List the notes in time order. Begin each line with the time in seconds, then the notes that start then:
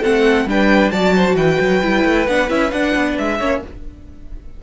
0.00 C4 A4 F#5
0.06 A3
0.45 G3 D4 B4 G5
0.91 F#3 F#4 D5 A5
1.16 C5
1.35 E3 B4 G5
1.60 F#3
1.83 G3 E4
2.05 A3
2.27 B3 D4 F#5
2.48 C#4 E4 E5
2.71 D4 F#5
2.95 B3
3.18 G#3 E5
3.39 A#3 C#4 C#5